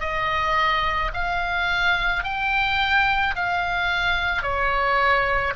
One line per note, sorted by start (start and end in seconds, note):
0.00 1.11 D#5
1.14 2.24 F5
2.24 3.35 G5
3.35 4.42 F5
4.42 5.54 C#5